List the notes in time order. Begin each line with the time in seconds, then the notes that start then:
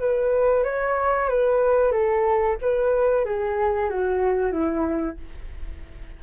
0.00 B4
0.64 C#5
1.30 B4
1.92 A4
2.62 B4
3.25 G#4
3.90 F#4
4.52 E4